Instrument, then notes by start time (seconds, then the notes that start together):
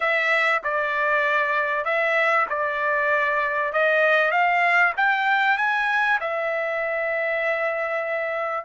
trumpet
0.00 E5
0.63 D5
1.84 E5
2.49 D5
3.73 D#5
4.31 F5
4.97 G5
5.57 G#5
6.20 E5